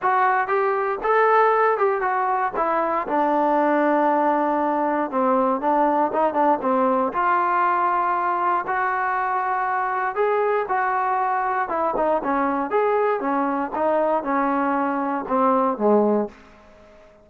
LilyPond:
\new Staff \with { instrumentName = "trombone" } { \time 4/4 \tempo 4 = 118 fis'4 g'4 a'4. g'8 | fis'4 e'4 d'2~ | d'2 c'4 d'4 | dis'8 d'8 c'4 f'2~ |
f'4 fis'2. | gis'4 fis'2 e'8 dis'8 | cis'4 gis'4 cis'4 dis'4 | cis'2 c'4 gis4 | }